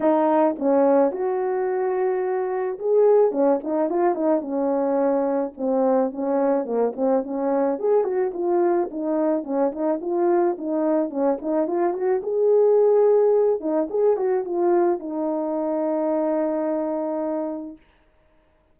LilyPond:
\new Staff \with { instrumentName = "horn" } { \time 4/4 \tempo 4 = 108 dis'4 cis'4 fis'2~ | fis'4 gis'4 cis'8 dis'8 f'8 dis'8 | cis'2 c'4 cis'4 | ais8 c'8 cis'4 gis'8 fis'8 f'4 |
dis'4 cis'8 dis'8 f'4 dis'4 | cis'8 dis'8 f'8 fis'8 gis'2~ | gis'8 dis'8 gis'8 fis'8 f'4 dis'4~ | dis'1 | }